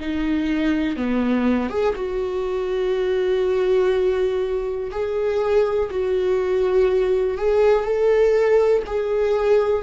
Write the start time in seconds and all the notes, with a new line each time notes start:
0.00 D#4
0.97 B3
1.69 G#4
1.96 F#4
4.91 G#4
5.91 F#4
7.38 G#4
7.85 A4
8.87 G#4